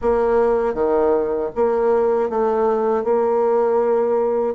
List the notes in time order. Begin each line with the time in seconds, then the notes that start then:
0.01 A#3
0.74 D#3
1.55 A#3
2.29 A3
3.03 A#3